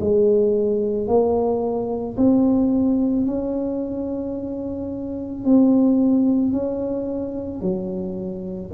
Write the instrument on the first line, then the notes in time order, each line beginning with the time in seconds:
tuba
0.00 G#3
1.07 A#3
2.17 C4
3.26 C#4
5.44 C4
6.52 C#4
7.62 F#3